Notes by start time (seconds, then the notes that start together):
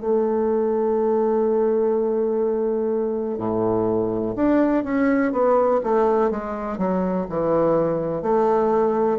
0.00 A3
3.37 A2
4.35 D4
4.83 C#4
5.32 B3
5.83 A3
6.30 G#3
6.77 F#3
7.29 E3
8.22 A3